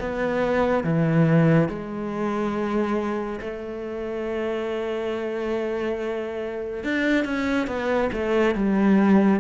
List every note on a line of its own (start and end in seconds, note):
0.00 0.83 B3
0.83 1.68 E3
1.68 3.40 G#3
3.41 6.83 A3
6.83 7.25 D4
7.25 7.67 C#4
7.67 8.10 B3
8.13 8.55 A3
8.55 9.40 G3